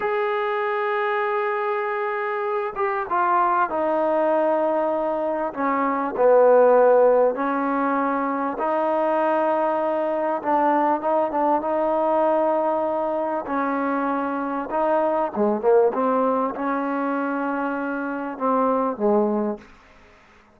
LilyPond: \new Staff \with { instrumentName = "trombone" } { \time 4/4 \tempo 4 = 98 gis'1~ | gis'8 g'8 f'4 dis'2~ | dis'4 cis'4 b2 | cis'2 dis'2~ |
dis'4 d'4 dis'8 d'8 dis'4~ | dis'2 cis'2 | dis'4 gis8 ais8 c'4 cis'4~ | cis'2 c'4 gis4 | }